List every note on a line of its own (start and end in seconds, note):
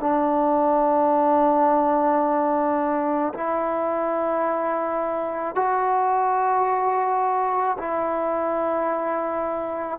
0.00 3.33 D4
3.34 5.55 E4
5.55 7.77 F#4
7.78 9.99 E4